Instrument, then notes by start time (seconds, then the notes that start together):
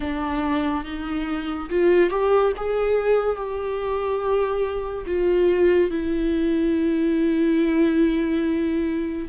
viola
0.00 D4
0.84 D#4
1.69 F4
2.10 G4
2.56 G#4
3.36 G4
5.06 F4
5.90 E4